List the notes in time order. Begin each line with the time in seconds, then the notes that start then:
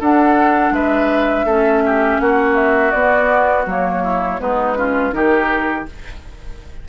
0.00 D4 A4 F#5
0.71 G#3 B4 E5
1.45 A3 C#4 A4
1.86 G4
2.20 A#3 F#4 F#5
2.56 E5
2.91 B3 D5
3.66 F#3 A#3 C#5
4.03 E4
4.39 G#3 B3 D#4 B4
4.76 C#4 F4
5.12 D#3 D#4 G4 A#4